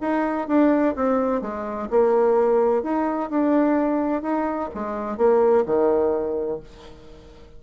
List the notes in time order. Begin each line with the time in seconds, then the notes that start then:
0.00 D#4
0.47 D4
0.95 C4
1.41 G#3
1.90 A#3
2.82 D#4
3.29 D4
4.22 D#4
4.74 G#3
5.17 A#3
5.65 D#3